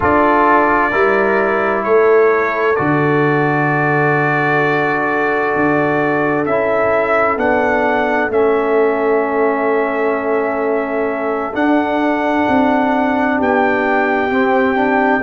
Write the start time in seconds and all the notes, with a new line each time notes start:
0.00 D4 F4 A4 D5
0.91 G3 E4 A#4
1.83 A3 A4 C#5
2.75 D3 F#4 D5
5.55 D4
6.45 C#4 E4 E5
7.37 B3 D4 F#5
8.28 A3 C#4 E5
11.52 D4 F#5
12.48 C4
13.37 B3 G4 G5
14.30 C4
14.75 D4